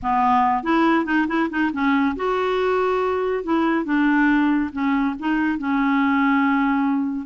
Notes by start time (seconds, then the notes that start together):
0.02 B3
0.63 E4
1.05 D#4
1.27 E4
1.50 D#4
1.72 C#4
2.15 F#4
3.43 E4
3.84 D4
4.72 C#4
5.19 D#4
5.58 C#4